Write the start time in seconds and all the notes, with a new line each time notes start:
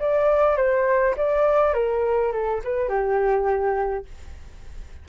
0.00 D5
0.57 C5
1.17 D5
1.74 A#4
2.32 A4
2.64 B4
2.89 G4